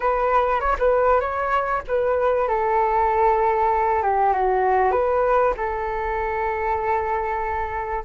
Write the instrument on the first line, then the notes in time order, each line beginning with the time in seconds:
flute
0.00 B4
0.60 C#5
0.78 B4
1.20 C#5
1.87 B4
2.47 A4
4.02 G4
4.33 F#4
4.91 B4
5.56 A4